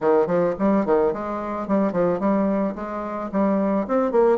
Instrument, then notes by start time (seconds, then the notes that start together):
bassoon
0.01 D#3
0.26 F3
0.58 G3
0.85 D#3
1.13 G#3
1.67 G3
1.92 F3
2.19 G3
2.75 G#3
3.32 G3
3.87 C4
4.11 A#3